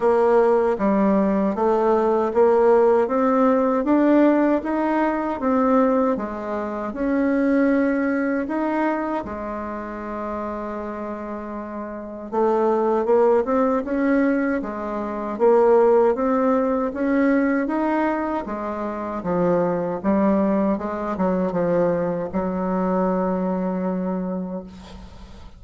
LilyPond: \new Staff \with { instrumentName = "bassoon" } { \time 4/4 \tempo 4 = 78 ais4 g4 a4 ais4 | c'4 d'4 dis'4 c'4 | gis4 cis'2 dis'4 | gis1 |
a4 ais8 c'8 cis'4 gis4 | ais4 c'4 cis'4 dis'4 | gis4 f4 g4 gis8 fis8 | f4 fis2. | }